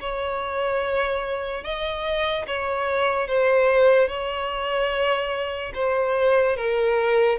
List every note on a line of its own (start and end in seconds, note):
0.00 1.63 C#5
1.63 2.45 D#5
2.47 3.27 C#5
3.27 4.08 C5
4.08 5.72 C#5
5.74 6.56 C5
6.56 7.38 A#4